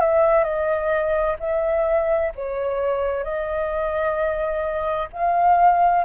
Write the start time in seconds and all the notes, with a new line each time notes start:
0.00 E5
0.44 D#5
1.40 E5
2.35 C#5
3.24 D#5
5.12 F5